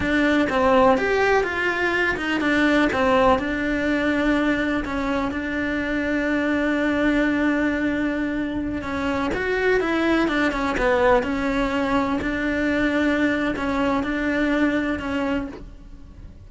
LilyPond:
\new Staff \with { instrumentName = "cello" } { \time 4/4 \tempo 4 = 124 d'4 c'4 g'4 f'4~ | f'8 dis'8 d'4 c'4 d'4~ | d'2 cis'4 d'4~ | d'1~ |
d'2~ d'16 cis'4 fis'8.~ | fis'16 e'4 d'8 cis'8 b4 cis'8.~ | cis'4~ cis'16 d'2~ d'8. | cis'4 d'2 cis'4 | }